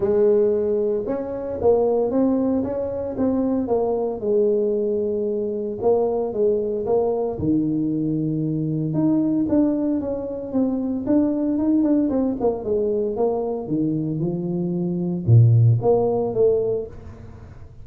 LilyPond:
\new Staff \with { instrumentName = "tuba" } { \time 4/4 \tempo 4 = 114 gis2 cis'4 ais4 | c'4 cis'4 c'4 ais4 | gis2. ais4 | gis4 ais4 dis2~ |
dis4 dis'4 d'4 cis'4 | c'4 d'4 dis'8 d'8 c'8 ais8 | gis4 ais4 dis4 f4~ | f4 ais,4 ais4 a4 | }